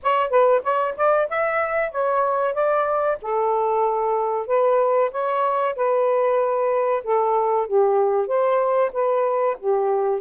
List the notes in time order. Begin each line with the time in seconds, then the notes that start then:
0.02 C#5
0.30 B4
0.63 C#5
0.96 D5
1.29 E5
1.91 C#5
2.54 D5
3.21 A4
4.47 B4
5.11 C#5
5.75 B4
7.03 A4
7.67 G4
8.27 C5
8.92 B4
9.59 G4